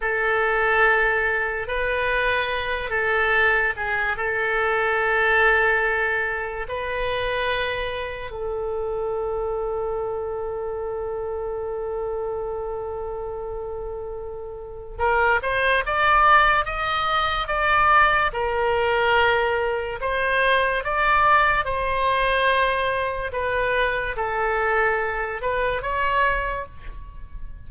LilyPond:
\new Staff \with { instrumentName = "oboe" } { \time 4/4 \tempo 4 = 72 a'2 b'4. a'8~ | a'8 gis'8 a'2. | b'2 a'2~ | a'1~ |
a'2 ais'8 c''8 d''4 | dis''4 d''4 ais'2 | c''4 d''4 c''2 | b'4 a'4. b'8 cis''4 | }